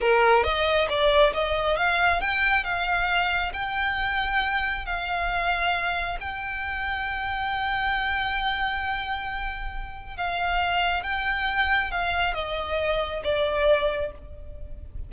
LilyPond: \new Staff \with { instrumentName = "violin" } { \time 4/4 \tempo 4 = 136 ais'4 dis''4 d''4 dis''4 | f''4 g''4 f''2 | g''2. f''4~ | f''2 g''2~ |
g''1~ | g''2. f''4~ | f''4 g''2 f''4 | dis''2 d''2 | }